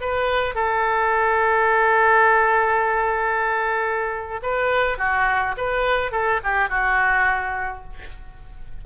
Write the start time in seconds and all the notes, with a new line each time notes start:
0.00 B4
0.55 A4
4.42 B4
4.98 F#4
5.57 B4
6.11 A4
6.43 G4
6.69 F#4